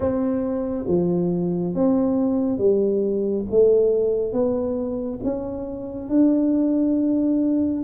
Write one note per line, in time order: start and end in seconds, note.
0.00 0.85 C4
0.87 1.74 F3
1.74 2.58 C4
2.58 3.45 G3
3.50 4.32 A3
4.32 5.19 B3
5.23 6.09 C#4
6.09 7.83 D4